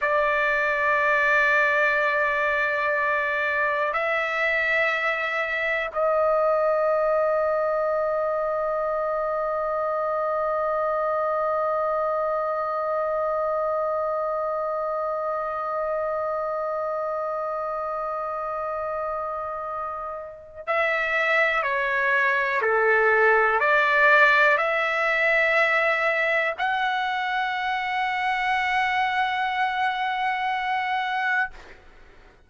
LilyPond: \new Staff \with { instrumentName = "trumpet" } { \time 4/4 \tempo 4 = 61 d''1 | e''2 dis''2~ | dis''1~ | dis''1~ |
dis''1~ | dis''4 e''4 cis''4 a'4 | d''4 e''2 fis''4~ | fis''1 | }